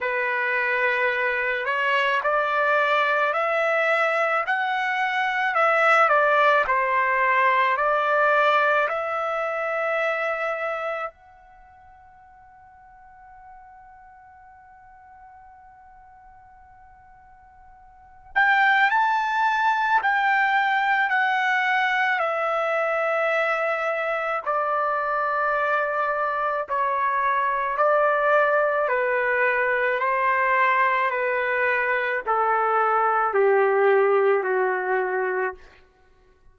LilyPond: \new Staff \with { instrumentName = "trumpet" } { \time 4/4 \tempo 4 = 54 b'4. cis''8 d''4 e''4 | fis''4 e''8 d''8 c''4 d''4 | e''2 fis''2~ | fis''1~ |
fis''8 g''8 a''4 g''4 fis''4 | e''2 d''2 | cis''4 d''4 b'4 c''4 | b'4 a'4 g'4 fis'4 | }